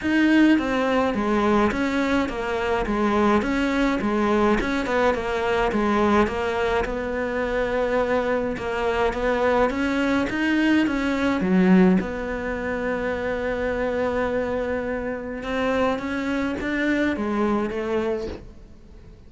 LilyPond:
\new Staff \with { instrumentName = "cello" } { \time 4/4 \tempo 4 = 105 dis'4 c'4 gis4 cis'4 | ais4 gis4 cis'4 gis4 | cis'8 b8 ais4 gis4 ais4 | b2. ais4 |
b4 cis'4 dis'4 cis'4 | fis4 b2.~ | b2. c'4 | cis'4 d'4 gis4 a4 | }